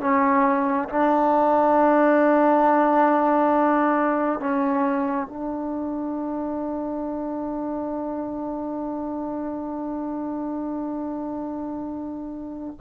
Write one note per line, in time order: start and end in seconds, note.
0.00 0.88 C#4
0.89 4.40 D4
4.40 5.27 C#4
5.27 12.77 D4